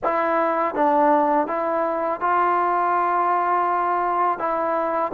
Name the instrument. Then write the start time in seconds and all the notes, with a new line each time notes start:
trombone
0.03 E4
0.75 D4
1.47 E4
2.20 F4
4.38 E4